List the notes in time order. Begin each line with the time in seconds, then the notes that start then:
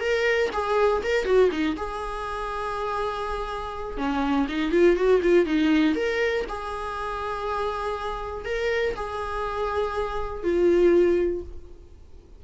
0.00 A#4
0.52 G#4
1.03 A#4
1.25 F#4
1.51 D#4
1.76 G#4
3.97 C#4
4.48 D#4
4.71 F4
4.96 F#4
5.22 F4
5.45 D#4
5.95 A#4
6.48 G#4
8.45 A#4
8.95 G#4
10.43 F4